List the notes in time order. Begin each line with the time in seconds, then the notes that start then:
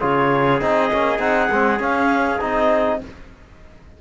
0.00 C#3 F4 G#4 C#5
0.61 C4 D#4 D#5
0.92 A#3 C#4
1.19 C4 D#4 F#5
1.51 G#3 C4
1.79 C#4 F5
2.41 C4 D#4 D#5